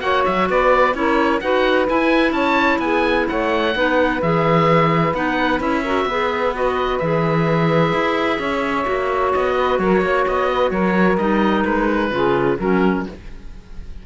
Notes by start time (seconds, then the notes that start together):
0.00 A#3 F#4 C#5 F#5
0.25 F#3 E5
0.49 B3 B4 D5
0.94 C#4 E4 A#4 C#5
1.40 D#4 F#4 B4 F#5
1.88 E4 G#5
2.32 C#4 C#5 A5
2.79 B3 G#4 G#5
3.29 A3 C#5 F#5
3.75 B3 D#4 B4
4.22 E3 G#4 E5
5.14 B3 D#4 F#5
5.60 C#4 E4 E5
5.83 F#4 A#4
6.05 B3 G#4 B4
6.54 F#4 D#5
6.98 E3 G#4 E5
7.93 E4
8.38 C#4 C#5
8.84 A#3 F#4
9.33 B3 D#5
9.58 B4
9.79 F#3 A#4 C#5
10.01 A#3 C#5
10.27 B3 D#5
10.50 B4
10.71 F#3 A#4 C#5
11.17 G3 D#4 D#5
11.64 G#3 B4
12.11 C#3 F4 G#4
12.57 F#3 C#4 F#4 A#4